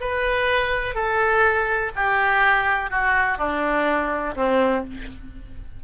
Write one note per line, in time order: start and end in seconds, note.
0.00 0.95 B4
0.95 1.91 A4
1.95 2.90 G4
2.90 3.38 F#4
3.38 4.35 D4
4.35 4.84 C4